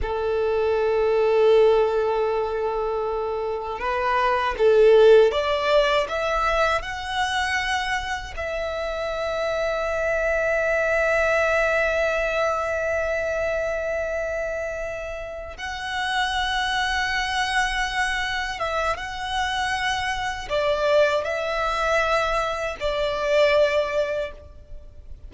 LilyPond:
\new Staff \with { instrumentName = "violin" } { \time 4/4 \tempo 4 = 79 a'1~ | a'4 b'4 a'4 d''4 | e''4 fis''2 e''4~ | e''1~ |
e''1~ | e''8 fis''2.~ fis''8~ | fis''8 e''8 fis''2 d''4 | e''2 d''2 | }